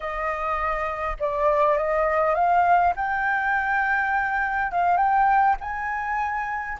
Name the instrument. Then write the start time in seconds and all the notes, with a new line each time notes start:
flute
0.00 D#5
1.19 D5
1.77 D#5
2.34 F5
2.96 G5
4.71 F5
4.97 G5
5.60 G#5